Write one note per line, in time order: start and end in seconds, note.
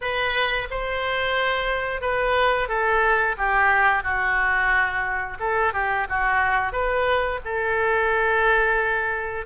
0.01 0.68 B4
0.70 2.01 C5
2.01 2.68 B4
2.68 3.36 A4
3.37 4.03 G4
4.03 5.37 F#4
5.39 5.73 A4
5.73 6.07 G4
6.09 6.72 F#4
6.72 7.40 B4
7.45 9.46 A4